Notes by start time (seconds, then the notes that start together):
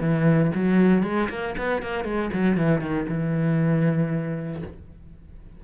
0.00 E3
0.55 F#3
1.03 G#3
1.29 A#3
1.57 B3
1.82 A#3
2.04 G#3
2.33 F#3
2.57 E3
2.81 D#3
3.09 E3